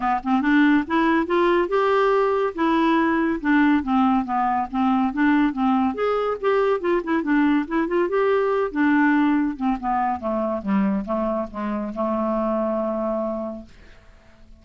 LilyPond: \new Staff \with { instrumentName = "clarinet" } { \time 4/4 \tempo 4 = 141 b8 c'8 d'4 e'4 f'4 | g'2 e'2 | d'4 c'4 b4 c'4 | d'4 c'4 gis'4 g'4 |
f'8 e'8 d'4 e'8 f'8 g'4~ | g'8 d'2 c'8 b4 | a4 g4 a4 gis4 | a1 | }